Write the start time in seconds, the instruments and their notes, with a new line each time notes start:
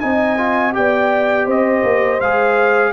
0.00 tuba C4, trombone D#4, horn D#5, trumpet G#5
0.37 trombone F4
0.73 tuba B3, trombone G4, horn D5, trumpet G5
1.46 tuba C4, horn C5, trumpet D#5
1.83 tuba A#3
2.20 tuba G#3, trombone G#4, trumpet F5